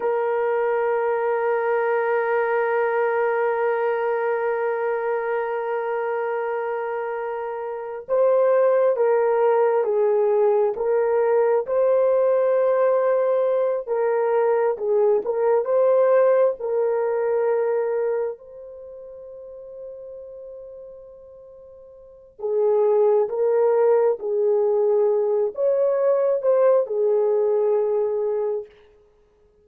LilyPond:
\new Staff \with { instrumentName = "horn" } { \time 4/4 \tempo 4 = 67 ais'1~ | ais'1~ | ais'4 c''4 ais'4 gis'4 | ais'4 c''2~ c''8 ais'8~ |
ais'8 gis'8 ais'8 c''4 ais'4.~ | ais'8 c''2.~ c''8~ | c''4 gis'4 ais'4 gis'4~ | gis'8 cis''4 c''8 gis'2 | }